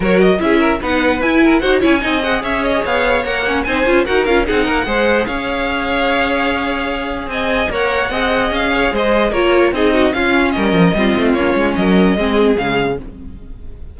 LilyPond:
<<
  \new Staff \with { instrumentName = "violin" } { \time 4/4 \tempo 4 = 148 cis''8 dis''8 e''4 fis''4 gis''4 | fis''8 gis''4 fis''8 e''8 dis''8 f''4 | fis''4 gis''4 fis''8 f''8 fis''4~ | fis''4 f''2.~ |
f''2 gis''4 fis''4~ | fis''4 f''4 dis''4 cis''4 | dis''4 f''4 dis''2 | cis''4 dis''2 f''4 | }
  \new Staff \with { instrumentName = "violin" } { \time 4/4 ais'4 gis'8 ais'8 b'4. ais'8 | c''8 cis''8 dis''4 cis''2~ | cis''4 c''4 ais'4 gis'8 ais'8 | c''4 cis''2.~ |
cis''2 dis''4 cis''4 | dis''4. cis''8 c''4 ais'4 | gis'8 fis'8 f'4 ais'4 f'4~ | f'4 ais'4 gis'2 | }
  \new Staff \with { instrumentName = "viola" } { \time 4/4 fis'4 e'4 dis'4 e'4 | fis'8 e'8 dis'8 gis'2~ gis'8 | ais'8 cis'8 dis'8 f'8 fis'8 f'8 dis'4 | gis'1~ |
gis'2. ais'4 | gis'2. f'4 | dis'4 cis'2 c'4 | cis'2 c'4 gis4 | }
  \new Staff \with { instrumentName = "cello" } { \time 4/4 fis4 cis'4 b4 e'4 | dis'8 cis'8 c'4 cis'4 b4 | ais4 c'8 cis'8 dis'8 cis'8 c'8 ais8 | gis4 cis'2.~ |
cis'2 c'4 ais4 | c'4 cis'4 gis4 ais4 | c'4 cis'4 g8 f8 g8 a8 | ais8 gis8 fis4 gis4 cis4 | }
>>